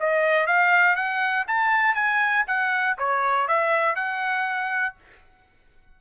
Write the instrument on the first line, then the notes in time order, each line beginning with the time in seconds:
trumpet
0.00 D#5
0.47 F5
0.96 F#5
1.47 A5
1.95 G#5
2.47 F#5
2.98 C#5
3.48 E5
3.95 F#5